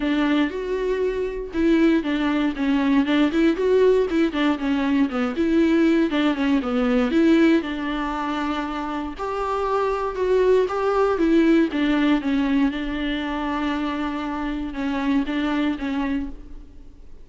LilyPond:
\new Staff \with { instrumentName = "viola" } { \time 4/4 \tempo 4 = 118 d'4 fis'2 e'4 | d'4 cis'4 d'8 e'8 fis'4 | e'8 d'8 cis'4 b8 e'4. | d'8 cis'8 b4 e'4 d'4~ |
d'2 g'2 | fis'4 g'4 e'4 d'4 | cis'4 d'2.~ | d'4 cis'4 d'4 cis'4 | }